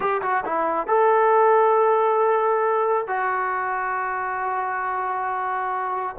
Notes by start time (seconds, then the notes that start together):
0.00 G4
0.22 F#4
0.45 E4
0.87 A4
3.07 F#4